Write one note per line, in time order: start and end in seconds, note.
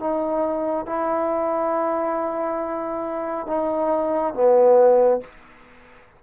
0.00 0.87 D#4
0.87 3.47 E4
3.47 4.34 D#4
4.34 5.21 B3